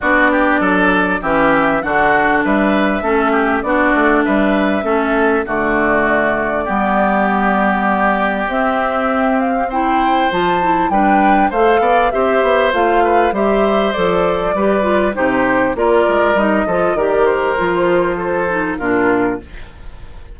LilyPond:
<<
  \new Staff \with { instrumentName = "flute" } { \time 4/4 \tempo 4 = 99 d''2 e''4 fis''4 | e''2 d''4 e''4~ | e''4 d''2.~ | d''2 e''4. f''8 |
g''4 a''4 g''4 f''4 | e''4 f''4 e''4 d''4~ | d''4 c''4 d''4 dis''4 | d''8 c''2~ c''8 ais'4 | }
  \new Staff \with { instrumentName = "oboe" } { \time 4/4 fis'8 g'8 a'4 g'4 fis'4 | b'4 a'8 g'8 fis'4 b'4 | a'4 fis'2 g'4~ | g'1 |
c''2 b'4 c''8 d''8 | c''4. b'8 c''2 | b'4 g'4 ais'4. a'8 | ais'2 a'4 f'4 | }
  \new Staff \with { instrumentName = "clarinet" } { \time 4/4 d'2 cis'4 d'4~ | d'4 cis'4 d'2 | cis'4 a2 b4~ | b2 c'2 |
e'4 f'8 e'8 d'4 a'4 | g'4 f'4 g'4 a'4 | g'8 f'8 dis'4 f'4 dis'8 f'8 | g'4 f'4. dis'8 d'4 | }
  \new Staff \with { instrumentName = "bassoon" } { \time 4/4 b4 fis4 e4 d4 | g4 a4 b8 a8 g4 | a4 d2 g4~ | g2 c'2~ |
c'4 f4 g4 a8 b8 | c'8 b8 a4 g4 f4 | g4 c4 ais8 gis8 g8 f8 | dis4 f2 ais,4 | }
>>